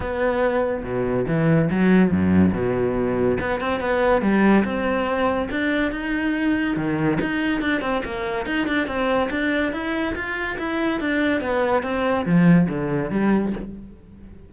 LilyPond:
\new Staff \with { instrumentName = "cello" } { \time 4/4 \tempo 4 = 142 b2 b,4 e4 | fis4 fis,4 b,2 | b8 c'8 b4 g4 c'4~ | c'4 d'4 dis'2 |
dis4 dis'4 d'8 c'8 ais4 | dis'8 d'8 c'4 d'4 e'4 | f'4 e'4 d'4 b4 | c'4 f4 d4 g4 | }